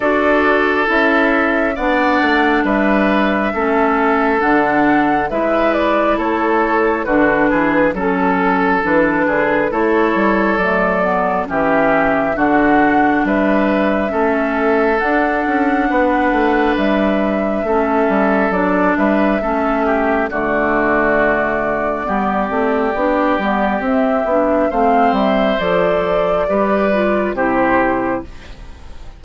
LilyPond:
<<
  \new Staff \with { instrumentName = "flute" } { \time 4/4 \tempo 4 = 68 d''4 e''4 fis''4 e''4~ | e''4 fis''4 e''8 d''8 cis''4 | b'4 a'4 b'4 cis''4 | d''4 e''4 fis''4 e''4~ |
e''4 fis''2 e''4~ | e''4 d''8 e''4. d''4~ | d''2. e''4 | f''8 e''8 d''2 c''4 | }
  \new Staff \with { instrumentName = "oboe" } { \time 4/4 a'2 d''4 b'4 | a'2 b'4 a'4 | fis'8 gis'8 a'4. gis'8 a'4~ | a'4 g'4 fis'4 b'4 |
a'2 b'2 | a'4. b'8 a'8 g'8 fis'4~ | fis'4 g'2. | c''2 b'4 g'4 | }
  \new Staff \with { instrumentName = "clarinet" } { \time 4/4 fis'4 e'4 d'2 | cis'4 d'4 e'2 | d'4 cis'4 d'4 e'4 | a8 b8 cis'4 d'2 |
cis'4 d'2. | cis'4 d'4 cis'4 a4~ | a4 b8 c'8 d'8 b8 c'8 d'8 | c'4 a'4 g'8 f'8 e'4 | }
  \new Staff \with { instrumentName = "bassoon" } { \time 4/4 d'4 cis'4 b8 a8 g4 | a4 d4 gis4 a4 | d8 e8 fis4 e8 d8 a8 g8 | fis4 e4 d4 g4 |
a4 d'8 cis'8 b8 a8 g4 | a8 g8 fis8 g8 a4 d4~ | d4 g8 a8 b8 g8 c'8 b8 | a8 g8 f4 g4 c4 | }
>>